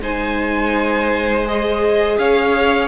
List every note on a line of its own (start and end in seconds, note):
0.00 2.17 G#3
0.00 1.45 D#4
0.00 2.18 C5
0.00 1.47 G#5
1.45 2.87 G#4
1.45 2.18 D#5
2.18 2.87 C#4
2.18 2.87 C#5
2.18 2.87 F5